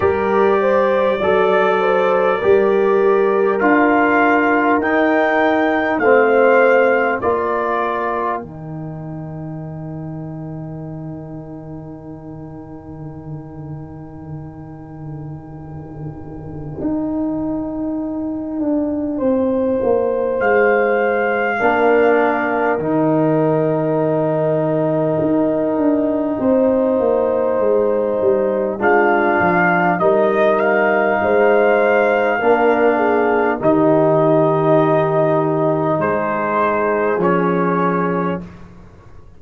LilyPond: <<
  \new Staff \with { instrumentName = "trumpet" } { \time 4/4 \tempo 4 = 50 d''2. f''4 | g''4 f''4 d''4 g''4~ | g''1~ | g''1~ |
g''4 f''2 g''4~ | g''1 | f''4 dis''8 f''2~ f''8 | dis''2 c''4 cis''4 | }
  \new Staff \with { instrumentName = "horn" } { \time 4/4 ais'8 c''8 d''8 c''8 ais'2~ | ais'4 c''4 ais'2~ | ais'1~ | ais'1 |
c''2 ais'2~ | ais'2 c''2 | f'4 ais'4 c''4 ais'8 gis'8 | g'2 gis'2 | }
  \new Staff \with { instrumentName = "trombone" } { \time 4/4 g'4 a'4 g'4 f'4 | dis'4 c'4 f'4 dis'4~ | dis'1~ | dis'1~ |
dis'2 d'4 dis'4~ | dis'1 | d'4 dis'2 d'4 | dis'2. cis'4 | }
  \new Staff \with { instrumentName = "tuba" } { \time 4/4 g4 fis4 g4 d'4 | dis'4 a4 ais4 dis4~ | dis1~ | dis2 dis'4. d'8 |
c'8 ais8 gis4 ais4 dis4~ | dis4 dis'8 d'8 c'8 ais8 gis8 g8 | gis8 f8 g4 gis4 ais4 | dis2 gis4 f4 | }
>>